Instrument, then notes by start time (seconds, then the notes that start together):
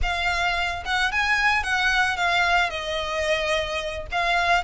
violin
0.02 F5
0.85 F#5
1.11 G#5
1.63 F#5
2.17 F5
2.70 D#5
4.11 F5